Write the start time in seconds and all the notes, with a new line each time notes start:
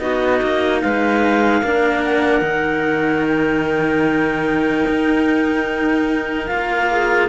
0.00 B3 D#4 F#4 D#5
0.43 A#3
0.81 G#3 B4 F5
1.62 A#3 D4 A#4
2.05 F#5
2.42 D#3 D#4
3.27 G5
4.88 D#4
6.47 A#3 F4 F5
6.91 G#4